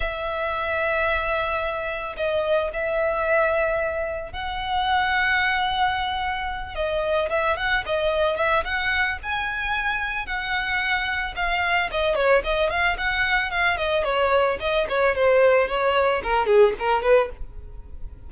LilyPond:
\new Staff \with { instrumentName = "violin" } { \time 4/4 \tempo 4 = 111 e''1 | dis''4 e''2. | fis''1~ | fis''8 dis''4 e''8 fis''8 dis''4 e''8 |
fis''4 gis''2 fis''4~ | fis''4 f''4 dis''8 cis''8 dis''8 f''8 | fis''4 f''8 dis''8 cis''4 dis''8 cis''8 | c''4 cis''4 ais'8 gis'8 ais'8 b'8 | }